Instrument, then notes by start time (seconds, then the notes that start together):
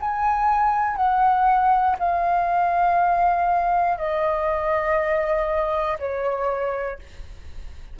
flute
0.00 G#5
0.96 F#5
1.99 F5
3.97 D#5
5.99 C#5